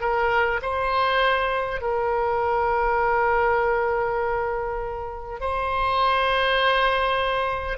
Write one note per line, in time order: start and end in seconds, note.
0.00 0.60 A#4
0.62 1.81 C5
1.81 5.40 A#4
5.40 7.78 C5